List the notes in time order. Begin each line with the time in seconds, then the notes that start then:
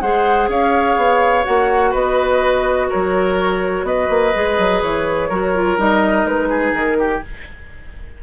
0.00 G#3 G#4 C5 F#5
0.48 C#4 C#5 F5
0.96 B3
1.44 A#3 F#4 F#5
1.91 B3 B4 D#5
2.89 F#3 A#4 C#5
3.83 B3 B4 D#5
4.09 A#3
4.34 G#3 G#4
4.58 F#3
4.82 E3 C#5
5.28 F#3 F#4 A#4
5.54 F4
5.78 G3 D#4 D#5
6.25 G#3 B4
6.49 G#4
6.73 D#3 A#4
6.99 G4